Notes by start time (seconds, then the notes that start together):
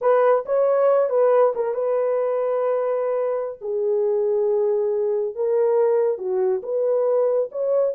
0.01 B4
0.45 C#5
1.09 B4
1.55 A#4
1.74 B4
3.61 G#4
5.35 A#4
6.18 F#4
6.62 B4
7.51 C#5